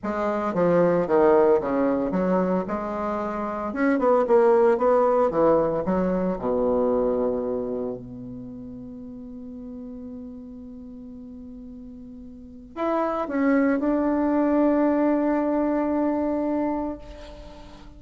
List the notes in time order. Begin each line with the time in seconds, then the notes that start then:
0.03 G#3
0.54 F3
1.07 D#3
1.60 C#3
2.11 F#3
2.67 G#3
3.73 C#4
3.98 B3
4.27 A#3
4.77 B3
5.30 E3
5.85 F#3
6.38 B2
7.97 B3
12.75 E4
13.27 C#4
13.79 D4